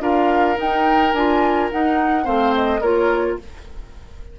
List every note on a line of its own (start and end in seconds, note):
0.00 0.56 D4
0.00 0.56 F4
0.00 2.25 A#4
0.00 0.58 F5
0.56 1.12 D#4
0.56 1.13 D#4
0.56 1.13 G5
1.13 1.69 D4
1.13 1.71 F4
1.13 1.69 G#5
1.71 2.24 D#4
1.71 2.27 D#4
1.71 2.26 F#5
2.24 2.81 A3
2.24 2.80 C4
2.24 2.81 C5
2.24 2.54 F5
2.55 2.82 D#5
2.81 3.37 A#3
2.81 3.39 F4
2.81 3.37 A#4
2.81 3.38 C#5